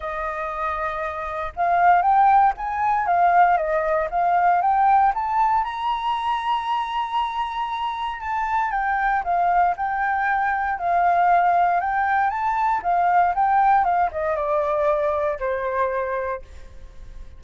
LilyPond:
\new Staff \with { instrumentName = "flute" } { \time 4/4 \tempo 4 = 117 dis''2. f''4 | g''4 gis''4 f''4 dis''4 | f''4 g''4 a''4 ais''4~ | ais''1 |
a''4 g''4 f''4 g''4~ | g''4 f''2 g''4 | a''4 f''4 g''4 f''8 dis''8 | d''2 c''2 | }